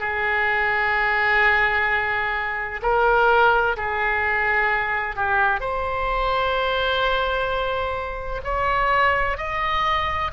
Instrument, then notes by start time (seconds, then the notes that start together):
oboe
0.00 G#4
2.83 A#4
3.77 G#4
5.16 G4
5.60 C5
8.44 C#5
9.37 D#5